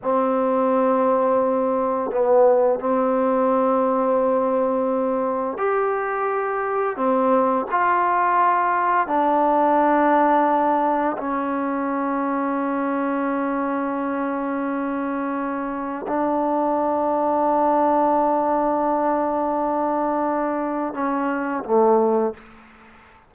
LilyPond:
\new Staff \with { instrumentName = "trombone" } { \time 4/4 \tempo 4 = 86 c'2. b4 | c'1 | g'2 c'4 f'4~ | f'4 d'2. |
cis'1~ | cis'2. d'4~ | d'1~ | d'2 cis'4 a4 | }